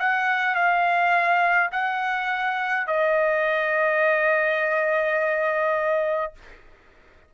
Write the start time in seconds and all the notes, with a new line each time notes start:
0.00 F#5
0.55 F5
1.73 F#5
2.87 D#5